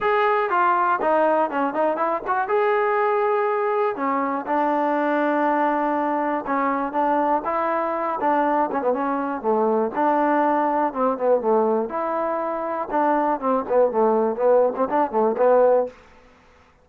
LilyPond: \new Staff \with { instrumentName = "trombone" } { \time 4/4 \tempo 4 = 121 gis'4 f'4 dis'4 cis'8 dis'8 | e'8 fis'8 gis'2. | cis'4 d'2.~ | d'4 cis'4 d'4 e'4~ |
e'8 d'4 cis'16 b16 cis'4 a4 | d'2 c'8 b8 a4 | e'2 d'4 c'8 b8 | a4 b8. c'16 d'8 a8 b4 | }